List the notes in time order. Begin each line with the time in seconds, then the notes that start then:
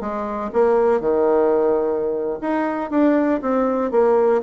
0.00 G#3
0.53 A#3
1.00 D#3
2.41 D#4
2.90 D4
3.41 C4
3.91 A#3